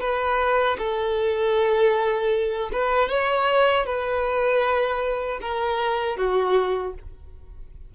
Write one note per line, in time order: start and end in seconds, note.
0.00 0.77 B4
0.78 2.70 A4
2.72 3.09 B4
3.09 3.85 C#5
3.85 5.39 B4
5.41 6.16 A#4
6.16 6.93 F#4